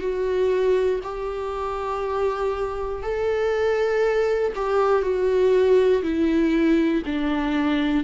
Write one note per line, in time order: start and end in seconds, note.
0.00 1.00 F#4
1.03 3.02 G4
3.02 4.52 A4
4.55 5.02 G4
5.02 6.02 F#4
6.03 7.03 E4
7.05 8.04 D4